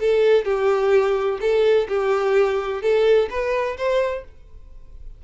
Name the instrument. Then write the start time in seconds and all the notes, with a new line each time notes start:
violin
0.00 A4
0.45 G4
1.41 A4
1.88 G4
2.82 A4
3.30 B4
3.77 C5